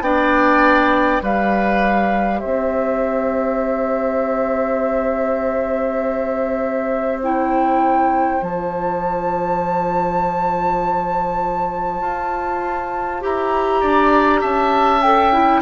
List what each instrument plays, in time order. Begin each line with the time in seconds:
0.00 bassoon B3, clarinet D4, oboe D5, flute G5
1.21 bassoon G3, clarinet G4, oboe B4, flute F5
2.39 bassoon C4, oboe C5, flute E5
7.22 clarinet E4, flute G5
8.41 bassoon F3, clarinet F4, flute A5
12.01 bassoon F4
13.20 bassoon E4, clarinet G4, flute A#5
13.80 bassoon D4, oboe D5
14.40 bassoon C#4, oboe E5, flute A5
15.02 clarinet A4, flute G5
15.32 clarinet E4